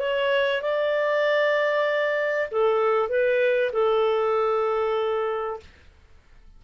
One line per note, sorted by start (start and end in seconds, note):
0.00 0.62 C#5
0.62 2.50 D5
2.51 3.10 A4
3.10 3.72 B4
3.73 5.61 A4